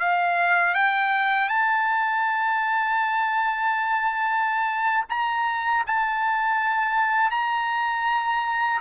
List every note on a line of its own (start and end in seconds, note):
0.00 0.75 F5
0.75 1.49 G5
1.49 5.05 A5
5.10 5.85 A#5
5.87 7.31 A5
7.31 8.81 A#5